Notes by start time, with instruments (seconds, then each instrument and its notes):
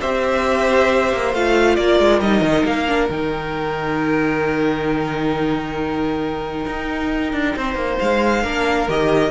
0.00 cello C4, viola G4, violin C5 E5
1.13 cello A#3
1.33 cello A3, viola F4, violin F5
1.75 cello A#3, violin A#4 D5
2.00 cello G#3
2.20 cello G3, viola D#4, violin D#5
2.41 cello D#3
2.65 cello A#3, violin F5
2.87 viola D4
3.10 cello D#3, viola D#4, violin G5
6.66 cello D#4
7.33 cello D4
7.56 cello C4, violin C5
7.75 cello A#3
7.99 cello G#3, violin F5
8.43 cello A#3, viola D4, violin A#4
8.88 cello D#3, viola G4, violin D#5